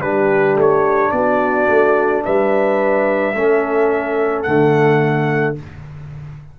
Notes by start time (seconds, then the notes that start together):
0.00 G3 D4 G4 B4
0.55 A3
0.61 C#5
1.12 B3 F#4 D5
1.68 A3
2.24 G3 B4 E5
3.34 A3 C#4 A4
4.43 D3 A3 F#5